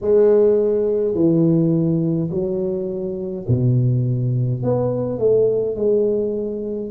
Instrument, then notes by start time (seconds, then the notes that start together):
tuba
0.01 G#3
1.14 E3
2.30 F#3
3.48 B2
4.63 B3
5.19 A3
5.75 G#3